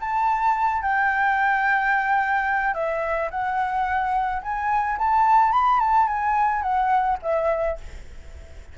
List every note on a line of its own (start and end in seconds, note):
0.00 0.82 A5
0.82 2.74 G5
2.74 3.29 E5
3.30 4.41 F#5
4.42 4.98 G#5
4.98 5.52 A5
5.52 5.80 B5
5.80 6.07 A5
6.07 6.62 G#5
6.62 7.18 F#5
7.22 7.78 E5